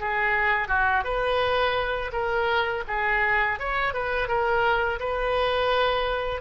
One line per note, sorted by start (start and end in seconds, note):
0.00 0.69 G#4
0.69 1.04 F#4
1.04 2.11 B4
2.13 2.84 A#4
2.88 3.59 G#4
3.60 3.94 C#5
3.94 4.28 B4
4.28 5.00 A#4
5.00 6.42 B4